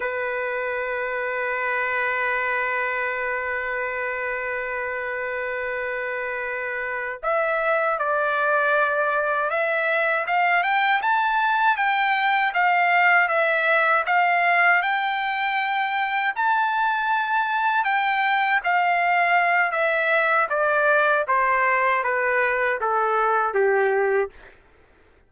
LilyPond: \new Staff \with { instrumentName = "trumpet" } { \time 4/4 \tempo 4 = 79 b'1~ | b'1~ | b'4. e''4 d''4.~ | d''8 e''4 f''8 g''8 a''4 g''8~ |
g''8 f''4 e''4 f''4 g''8~ | g''4. a''2 g''8~ | g''8 f''4. e''4 d''4 | c''4 b'4 a'4 g'4 | }